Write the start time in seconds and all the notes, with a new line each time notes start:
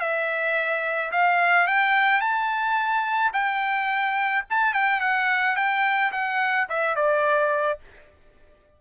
0.00 E5
1.11 F5
1.67 G5
2.20 A5
3.33 G5
4.50 A5
4.73 G5
5.00 F#5
5.56 G5
6.12 F#5
6.69 E5
6.96 D5